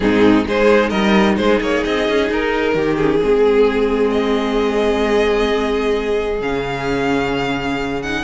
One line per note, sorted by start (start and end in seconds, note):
0.00 0.46 G#2
0.00 0.46 C4
0.00 0.46 D#4
0.00 0.45 G#4
0.46 0.91 G#3
0.46 2.99 D#4
0.46 0.89 G#4
0.46 0.89 C5
0.89 1.37 G3
0.89 1.35 A#4
0.89 1.35 D#5
1.37 1.60 G#3
1.37 2.75 G#4
1.37 1.60 C5
1.60 1.83 A#3
1.60 1.83 C#5
1.83 2.08 C4
1.83 2.29 D#5
2.08 2.30 C#4
2.30 2.74 D#4
2.30 2.95 A#4
2.74 3.20 D#3
2.74 3.20 G4
2.95 3.20 C#4
2.95 4.10 G#4
3.20 6.40 G#3
3.20 6.41 C4
3.20 8.23 G#4
4.10 6.39 D#5
6.40 8.23 C#3
6.40 8.01 C#4
6.40 8.02 F5
8.02 8.24 D#4
8.02 8.24 F#5